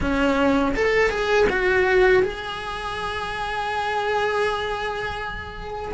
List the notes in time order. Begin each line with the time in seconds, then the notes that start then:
0.00 C#4
0.75 A4
1.09 G#4
1.49 F#4
2.22 G#4